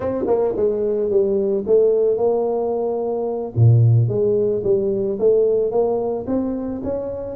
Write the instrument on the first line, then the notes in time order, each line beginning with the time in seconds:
tuba
0.00 C4
0.27 A#3
0.56 G#3
1.09 G3
1.66 A3
2.17 A#3
3.55 A#2
4.08 G#3
4.63 G3
5.19 A3
5.71 A#3
6.27 C4
6.83 C#4